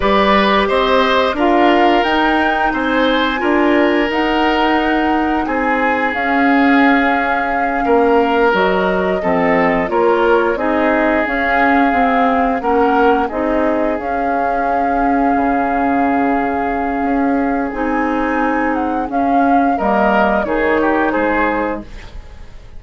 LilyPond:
<<
  \new Staff \with { instrumentName = "flute" } { \time 4/4 \tempo 4 = 88 d''4 dis''4 f''4 g''4 | gis''2 fis''2 | gis''4 f''2.~ | f''8 dis''2 cis''4 dis''8~ |
dis''8 f''2 fis''4 dis''8~ | dis''8 f''2.~ f''8~ | f''2 gis''4. fis''8 | f''4 dis''4 cis''4 c''4 | }
  \new Staff \with { instrumentName = "oboe" } { \time 4/4 b'4 c''4 ais'2 | c''4 ais'2. | gis'2.~ gis'8 ais'8~ | ais'4. a'4 ais'4 gis'8~ |
gis'2~ gis'8 ais'4 gis'8~ | gis'1~ | gis'1~ | gis'4 ais'4 gis'8 g'8 gis'4 | }
  \new Staff \with { instrumentName = "clarinet" } { \time 4/4 g'2 f'4 dis'4~ | dis'4 f'4 dis'2~ | dis'4 cis'2.~ | cis'8 fis'4 c'4 f'4 dis'8~ |
dis'8 cis'4 c'4 cis'4 dis'8~ | dis'8 cis'2.~ cis'8~ | cis'2 dis'2 | cis'4 ais4 dis'2 | }
  \new Staff \with { instrumentName = "bassoon" } { \time 4/4 g4 c'4 d'4 dis'4 | c'4 d'4 dis'2 | c'4 cis'2~ cis'8 ais8~ | ais8 fis4 f4 ais4 c'8~ |
c'8 cis'4 c'4 ais4 c'8~ | c'8 cis'2 cis4.~ | cis4 cis'4 c'2 | cis'4 g4 dis4 gis4 | }
>>